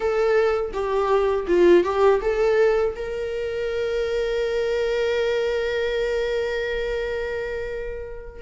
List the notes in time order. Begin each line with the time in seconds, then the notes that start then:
0.00 A4
0.73 G4
1.47 F4
1.84 G4
2.21 A4
2.95 A#4